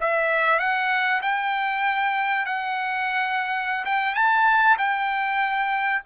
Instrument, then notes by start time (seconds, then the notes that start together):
trumpet
0.00 E5
0.59 F#5
1.22 G5
2.45 F#5
3.85 G5
4.14 A5
4.78 G5